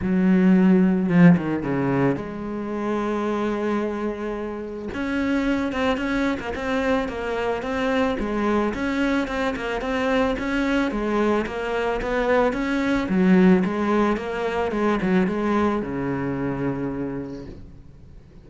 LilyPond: \new Staff \with { instrumentName = "cello" } { \time 4/4 \tempo 4 = 110 fis2 f8 dis8 cis4 | gis1~ | gis4 cis'4. c'8 cis'8. ais16 | c'4 ais4 c'4 gis4 |
cis'4 c'8 ais8 c'4 cis'4 | gis4 ais4 b4 cis'4 | fis4 gis4 ais4 gis8 fis8 | gis4 cis2. | }